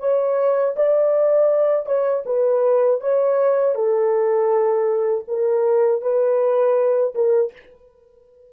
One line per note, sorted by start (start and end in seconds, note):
0.00 0.75 C#5
0.76 1.86 D5
1.86 2.24 C#5
2.26 3.01 B4
3.01 3.75 C#5
3.75 5.25 A4
5.28 6.02 A#4
6.02 7.14 B4
7.15 7.53 A#4